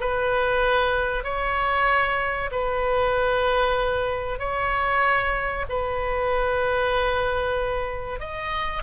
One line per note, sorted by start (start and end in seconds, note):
0.00 1.24 B4
1.24 2.50 C#5
2.51 4.39 B4
4.39 5.65 C#5
5.69 8.20 B4
8.20 8.83 D#5